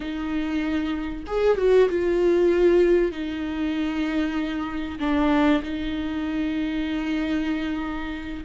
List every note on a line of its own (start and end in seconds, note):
0.00 1.24 D#4
1.26 1.57 G#4
1.57 1.88 F#4
1.89 3.11 F4
3.11 4.99 D#4
4.99 5.62 D4
5.62 8.44 D#4